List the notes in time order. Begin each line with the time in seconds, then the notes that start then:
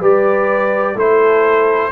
0.00 G3 G4 B4 D5
0.95 A3 E4 A4 C5